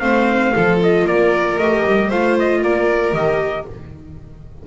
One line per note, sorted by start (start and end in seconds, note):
0.00 0.54 A3
0.00 0.52 C4
0.00 0.55 C5
0.00 0.78 F5
0.55 1.05 F3
0.55 1.61 F4
0.55 1.07 A4
0.83 1.07 D#5
1.05 1.57 A#3
1.05 2.08 A#4
1.05 1.59 D5
1.58 1.84 A3
1.58 2.12 G4
1.58 2.11 D#5
1.86 2.11 G3
2.08 2.63 A3
2.08 3.13 F4
2.08 2.61 C5
2.08 2.37 F5
2.39 2.64 D#5
2.63 3.13 A#3
2.63 3.68 A#4
2.63 3.15 D5
3.13 3.65 D#3
3.13 3.65 G4
3.13 3.67 D#5